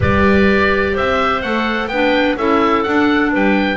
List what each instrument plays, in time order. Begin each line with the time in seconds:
0.00 double bass G3, clarinet G4 B4, oboe D5
0.93 double bass C4, clarinet C5, oboe E5
1.41 double bass A3, clarinet A4, oboe F#5
1.87 double bass B3, clarinet D4 B4, oboe G5
2.37 double bass C#4, clarinet E4 A4, oboe E5
2.83 clarinet D4, double bass D4, oboe F#5
3.31 double bass G3, clarinet B4, oboe G5